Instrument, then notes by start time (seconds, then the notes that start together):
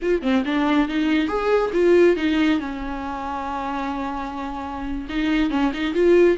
viola
0.01 F4
0.22 C4
0.45 D4
0.88 D#4
1.27 G#4
1.73 F4
2.16 D#4
2.59 C#4
5.09 D#4
5.50 C#4
5.73 D#4
5.94 F4